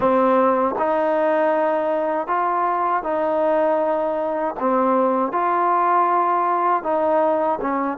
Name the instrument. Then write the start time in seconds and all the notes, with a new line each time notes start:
trombone
0.00 C4
0.78 D#4
2.27 F4
3.03 D#4
4.59 C4
5.32 F4
6.83 D#4
7.61 C#4